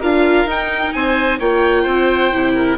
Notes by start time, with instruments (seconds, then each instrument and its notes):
0.00 bassoon D4, viola F4, oboe A#4, violin F5
0.45 bassoon D#4, viola D#4, violin G5
0.93 bassoon C4, oboe C5, violin G#5
1.39 bassoon A#3, viola F4, oboe C#5, violin G5
1.83 bassoon C4, oboe C5
2.32 bassoon C3, viola E4
2.54 oboe A#4